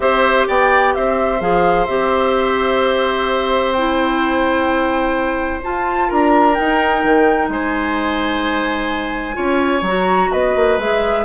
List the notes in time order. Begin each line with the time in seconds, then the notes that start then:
0.00 C4 G4 C5 E5
0.47 B3 D5 G5
0.94 C4 C5 E5
1.40 F3 G#4 F5
1.86 C4 G4 E5
3.72 E4 G5
5.62 F4 A5
6.08 D4 A#4 A#5
6.54 D#4 G5
7.04 D#3
7.48 G#3 C5 G#5
9.33 C#4 F4 C#5
9.81 F#3 F#4 A#5
10.31 B3 B4 D#5
10.55 A#3
10.78 G#3 G#4 E5